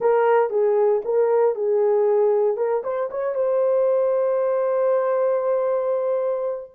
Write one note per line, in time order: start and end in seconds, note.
0.00 0.50 A#4
0.50 1.02 G#4
1.05 1.55 A#4
1.55 2.57 G#4
2.57 2.82 A#4
2.83 3.09 C5
3.10 3.34 C#5
3.34 6.71 C5